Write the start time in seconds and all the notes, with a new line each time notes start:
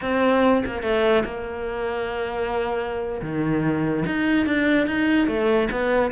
0.01 C4
0.65 A#3
0.82 A3
1.24 A#3
3.21 D#3
4.06 D#4
4.46 D4
4.86 D#4
5.27 A3
5.71 B3